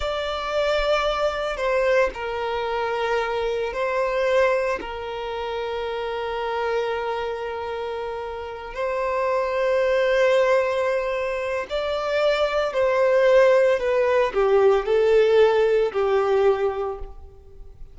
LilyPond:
\new Staff \with { instrumentName = "violin" } { \time 4/4 \tempo 4 = 113 d''2. c''4 | ais'2. c''4~ | c''4 ais'2.~ | ais'1~ |
ais'8 c''2.~ c''8~ | c''2 d''2 | c''2 b'4 g'4 | a'2 g'2 | }